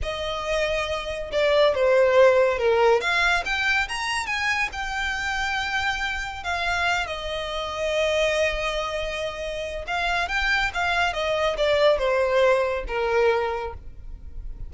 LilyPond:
\new Staff \with { instrumentName = "violin" } { \time 4/4 \tempo 4 = 140 dis''2. d''4 | c''2 ais'4 f''4 | g''4 ais''4 gis''4 g''4~ | g''2. f''4~ |
f''8 dis''2.~ dis''8~ | dis''2. f''4 | g''4 f''4 dis''4 d''4 | c''2 ais'2 | }